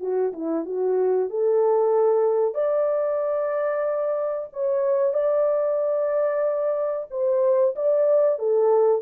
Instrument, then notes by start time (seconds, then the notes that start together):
horn
0.00 F#4
0.33 E4
0.65 F#4
1.29 A4
2.55 D5
4.53 C#5
5.13 D5
7.10 C5
7.76 D5
8.39 A4